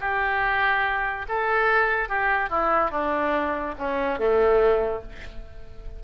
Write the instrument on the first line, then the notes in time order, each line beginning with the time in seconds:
oboe
0.00 G4
1.28 A4
2.09 G4
2.50 E4
2.91 D4
3.78 C#4
4.19 A3